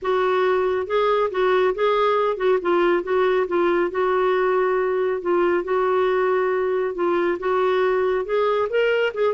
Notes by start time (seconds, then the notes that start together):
0.01 F#4
0.86 G#4
1.30 F#4
1.75 G#4
2.36 F#4
2.61 F4
3.03 F#4
3.47 F4
3.91 F#4
5.21 F4
5.64 F#4
6.94 F4
7.39 F#4
8.25 G#4
8.69 A#4
9.13 G#4